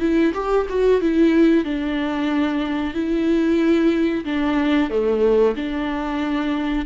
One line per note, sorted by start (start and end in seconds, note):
0.00 0.33 E4
0.34 0.67 G4
0.69 1.01 F#4
1.01 1.65 E4
1.65 2.94 D4
2.94 4.25 E4
4.25 4.90 D4
4.90 5.56 A3
5.56 6.86 D4